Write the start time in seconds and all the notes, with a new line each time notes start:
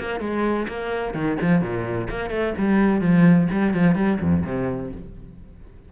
0.00 A#3
0.20 G#3
0.68 A#3
1.14 D#3
1.41 F3
1.61 A#2
2.10 A#3
2.30 A3
2.58 G3
3.01 F3
3.52 G3
3.74 F3
3.95 G3
4.21 F2
4.45 C3